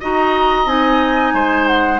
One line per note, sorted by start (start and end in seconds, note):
0.00 0.65 D#4
0.00 0.65 F#4
0.00 1.33 D#5
0.00 0.68 A#5
0.65 1.32 C4
0.65 1.99 D#4
0.65 1.67 G#5
1.33 2.00 G#3
1.33 2.00 C5
1.67 2.00 F#5